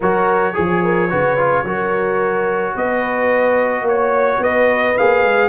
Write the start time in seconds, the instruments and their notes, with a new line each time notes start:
0.00 tuba F#3, trombone F#4, horn A#4, trumpet C#5
0.53 tuba F3, horn G#4, trombone G#4
0.83 horn A#4
1.09 tuba C#3, trombone F#4, horn B4
1.37 trombone F4
1.64 tuba F#3, trombone F#4, horn A#4
2.74 tuba B3, horn B4, trumpet D#5
3.82 tuba A#3, horn C#5
3.88 trumpet C#5
4.39 tuba B3, horn B4, trumpet D#5
4.97 tuba A#3, trombone G#4, trumpet F5
5.23 tuba G#3